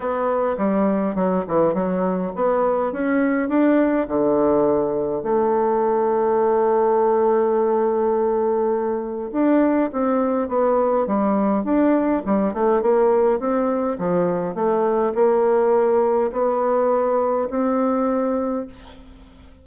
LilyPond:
\new Staff \with { instrumentName = "bassoon" } { \time 4/4 \tempo 4 = 103 b4 g4 fis8 e8 fis4 | b4 cis'4 d'4 d4~ | d4 a2.~ | a1 |
d'4 c'4 b4 g4 | d'4 g8 a8 ais4 c'4 | f4 a4 ais2 | b2 c'2 | }